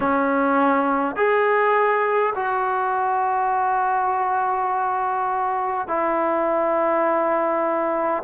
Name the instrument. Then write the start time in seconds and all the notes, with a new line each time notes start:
trombone
0.00 C#4
1.16 G#4
2.35 F#4
5.87 E4